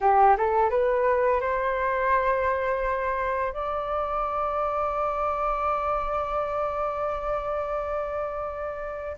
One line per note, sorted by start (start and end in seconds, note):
0.01 0.36 G4
0.37 0.70 A4
0.70 1.40 B4
1.41 3.52 C5
3.52 9.17 D5